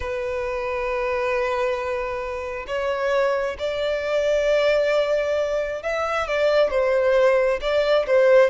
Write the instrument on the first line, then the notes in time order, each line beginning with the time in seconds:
violin
0.00 B4
2.67 C#5
3.58 D5
5.82 E5
6.27 D5
6.70 C5
7.61 D5
8.06 C5